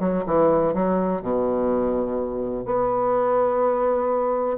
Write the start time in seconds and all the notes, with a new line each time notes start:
0.00 F#3
0.26 E3
0.74 F#3
1.22 B2
2.65 B3